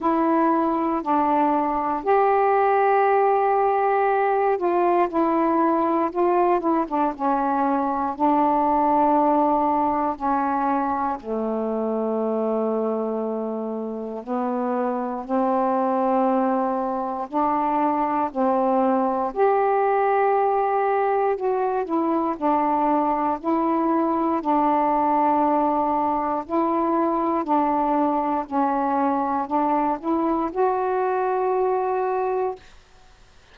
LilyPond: \new Staff \with { instrumentName = "saxophone" } { \time 4/4 \tempo 4 = 59 e'4 d'4 g'2~ | g'8 f'8 e'4 f'8 e'16 d'16 cis'4 | d'2 cis'4 a4~ | a2 b4 c'4~ |
c'4 d'4 c'4 g'4~ | g'4 fis'8 e'8 d'4 e'4 | d'2 e'4 d'4 | cis'4 d'8 e'8 fis'2 | }